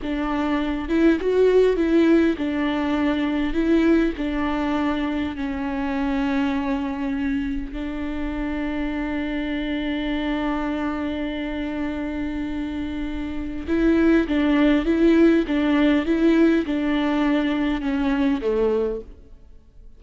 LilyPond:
\new Staff \with { instrumentName = "viola" } { \time 4/4 \tempo 4 = 101 d'4. e'8 fis'4 e'4 | d'2 e'4 d'4~ | d'4 cis'2.~ | cis'4 d'2.~ |
d'1~ | d'2. e'4 | d'4 e'4 d'4 e'4 | d'2 cis'4 a4 | }